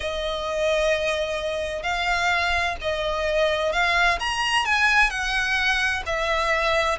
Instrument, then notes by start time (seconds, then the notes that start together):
violin
0.00 D#5
1.82 F5
2.81 D#5
3.72 F5
4.19 A#5
4.65 G#5
5.10 F#5
6.05 E5